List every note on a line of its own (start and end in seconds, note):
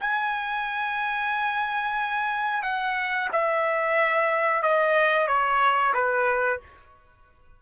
0.00 2.63 G#5
2.63 3.28 F#5
3.32 4.62 E5
4.62 5.27 D#5
5.27 5.93 C#5
5.94 6.60 B4